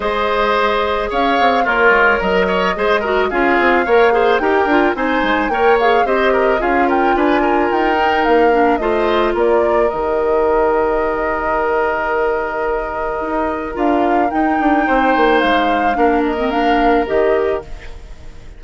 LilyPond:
<<
  \new Staff \with { instrumentName = "flute" } { \time 4/4 \tempo 4 = 109 dis''2 f''4 cis''4 | dis''2 f''2 | g''4 gis''4 g''8 f''8 dis''4 | f''8 g''8 gis''4 g''4 f''4 |
dis''4 d''4 dis''2~ | dis''1~ | dis''4 f''4 g''2 | f''4. dis''8 f''4 dis''4 | }
  \new Staff \with { instrumentName = "oboe" } { \time 4/4 c''2 cis''4 f'4 | ais'8 cis''8 c''8 ais'8 gis'4 cis''8 c''8 | ais'4 c''4 cis''4 c''8 ais'8 | gis'8 ais'8 b'8 ais'2~ ais'8 |
c''4 ais'2.~ | ais'1~ | ais'2. c''4~ | c''4 ais'2. | }
  \new Staff \with { instrumentName = "clarinet" } { \time 4/4 gis'2. ais'4~ | ais'4 gis'8 fis'8 f'4 ais'8 gis'8 | g'8 f'8 dis'4 ais'8 gis'8 g'4 | f'2~ f'8 dis'4 d'8 |
f'2 g'2~ | g'1~ | g'4 f'4 dis'2~ | dis'4 d'8. c'16 d'4 g'4 | }
  \new Staff \with { instrumentName = "bassoon" } { \time 4/4 gis2 cis'8 c'8 ais8 gis8 | fis4 gis4 cis'8 c'8 ais4 | dis'8 d'8 c'8 gis8 ais4 c'4 | cis'4 d'4 dis'4 ais4 |
a4 ais4 dis2~ | dis1 | dis'4 d'4 dis'8 d'8 c'8 ais8 | gis4 ais2 dis4 | }
>>